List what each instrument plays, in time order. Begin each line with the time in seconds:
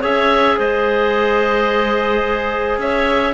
0.00 cello C#4, trombone G#4, clarinet C#5, oboe E5
0.57 cello G#3, clarinet C5, oboe D#5
2.78 cello C#4, clarinet C#5, oboe E5